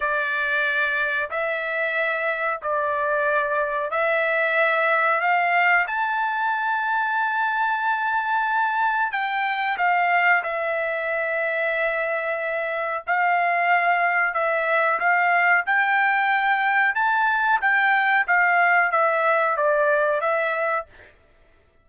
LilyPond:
\new Staff \with { instrumentName = "trumpet" } { \time 4/4 \tempo 4 = 92 d''2 e''2 | d''2 e''2 | f''4 a''2.~ | a''2 g''4 f''4 |
e''1 | f''2 e''4 f''4 | g''2 a''4 g''4 | f''4 e''4 d''4 e''4 | }